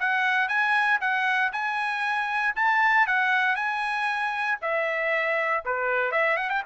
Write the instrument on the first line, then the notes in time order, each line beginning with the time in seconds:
trumpet
0.00 F#5
0.49 G#5
1.01 F#5
1.53 G#5
2.56 A5
3.07 F#5
3.56 G#5
4.62 E5
5.66 B4
6.12 E5
6.37 F#5
6.50 G5